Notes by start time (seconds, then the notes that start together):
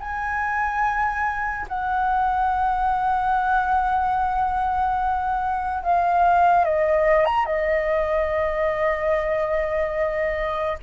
0.00 G#5
1.69 F#5
5.83 F5
6.65 D#5
7.26 A#5
7.45 D#5